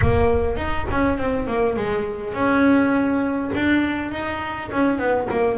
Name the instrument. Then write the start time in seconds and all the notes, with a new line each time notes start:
double bass
0.01 A#3
0.56 D#4
0.90 C#4
1.17 C4
1.47 A#3
1.76 G#3
2.33 C#4
3.55 D4
4.11 D#4
4.71 C#4
4.98 B3
5.30 A#3